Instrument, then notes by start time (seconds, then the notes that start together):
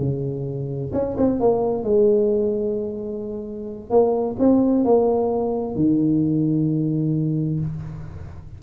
tuba
0.00 C#3
0.94 C#4
1.18 C4
1.41 A#3
1.84 G#3
3.91 A#3
4.40 C4
4.85 A#3
5.76 D#3